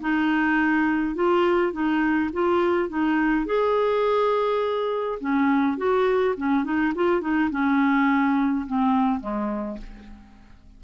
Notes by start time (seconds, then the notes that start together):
0.00 D#4
1.15 F4
1.72 D#4
2.33 F4
2.89 D#4
3.45 G#4
5.20 C#4
5.77 F#4
6.37 C#4
6.64 D#4
6.95 F4
7.21 D#4
7.50 C#4
8.66 C4
9.20 G#3